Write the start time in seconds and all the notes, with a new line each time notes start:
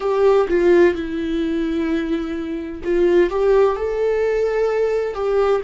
0.00 G4
0.48 F4
0.94 E4
2.83 F4
3.29 G4
3.75 A4
5.14 G4